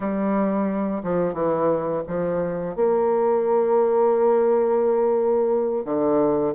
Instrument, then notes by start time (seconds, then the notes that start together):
bassoon
0.00 G3
1.03 F3
1.33 E3
2.07 F3
2.75 A#3
5.84 D3